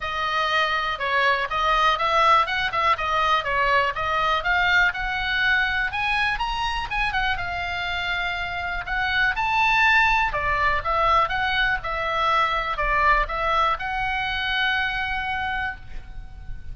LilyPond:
\new Staff \with { instrumentName = "oboe" } { \time 4/4 \tempo 4 = 122 dis''2 cis''4 dis''4 | e''4 fis''8 e''8 dis''4 cis''4 | dis''4 f''4 fis''2 | gis''4 ais''4 gis''8 fis''8 f''4~ |
f''2 fis''4 a''4~ | a''4 d''4 e''4 fis''4 | e''2 d''4 e''4 | fis''1 | }